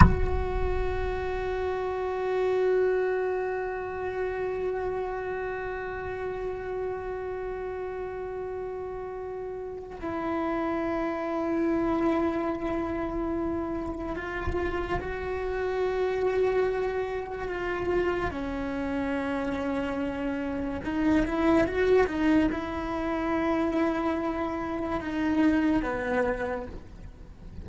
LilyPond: \new Staff \with { instrumentName = "cello" } { \time 4/4 \tempo 4 = 72 fis'1~ | fis'1~ | fis'1 | e'1~ |
e'4 f'4 fis'2~ | fis'4 f'4 cis'2~ | cis'4 dis'8 e'8 fis'8 dis'8 e'4~ | e'2 dis'4 b4 | }